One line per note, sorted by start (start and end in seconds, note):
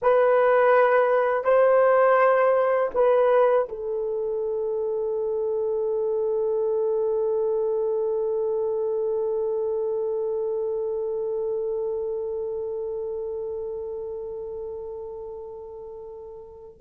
0.02 1.44 B4
1.44 2.90 C5
2.94 3.67 B4
3.69 16.80 A4